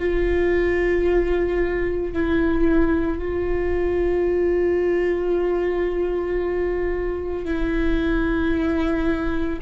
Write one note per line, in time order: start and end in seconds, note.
0.00 2.13 F4
2.13 3.19 E4
3.19 7.45 F4
7.45 9.60 E4